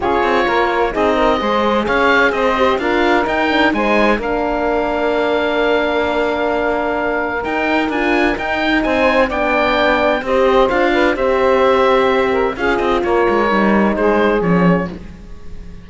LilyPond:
<<
  \new Staff \with { instrumentName = "oboe" } { \time 4/4 \tempo 4 = 129 cis''2 dis''2 | f''4 dis''4 f''4 g''4 | gis''4 f''2.~ | f''1 |
g''4 gis''4 g''4 gis''4 | g''2 dis''4 f''4 | e''2. f''8 dis''8 | cis''2 c''4 cis''4 | }
  \new Staff \with { instrumentName = "saxophone" } { \time 4/4 gis'4 ais'4 gis'8 ais'8 c''4 | cis''4 c''4 ais'2 | c''4 ais'2.~ | ais'1~ |
ais'2. c''4 | d''2 c''4. b'8 | c''2~ c''8 ais'8 gis'4 | ais'2 gis'2 | }
  \new Staff \with { instrumentName = "horn" } { \time 4/4 f'2 dis'4 gis'4~ | gis'4. g'8 f'4 dis'8 d'8 | dis'4 d'2.~ | d'1 |
dis'4 f'4 dis'2 | d'2 g'4 f'4 | g'2. f'4~ | f'4 dis'2 cis'4 | }
  \new Staff \with { instrumentName = "cello" } { \time 4/4 cis'8 c'8 ais4 c'4 gis4 | cis'4 c'4 d'4 dis'4 | gis4 ais2.~ | ais1 |
dis'4 d'4 dis'4 c'4 | b2 c'4 d'4 | c'2. cis'8 c'8 | ais8 gis8 g4 gis4 f4 | }
>>